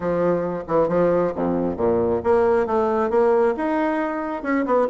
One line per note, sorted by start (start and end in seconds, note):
0.00 0.63 F3
0.67 0.88 E3
0.88 1.33 F3
1.35 1.76 F2
1.76 2.21 A#2
2.23 2.66 A#3
2.66 3.09 A3
3.09 3.54 A#3
3.56 4.42 D#4
4.42 4.65 C#4
4.65 4.87 B3